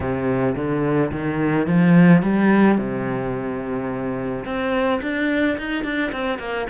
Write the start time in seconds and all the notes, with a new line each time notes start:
0.00 C3
0.55 D3
1.11 D#3
1.66 F3
2.22 G3
2.78 C3
4.45 C4
5.02 D4
5.58 D#4
5.84 D4
6.12 C4
6.38 A#3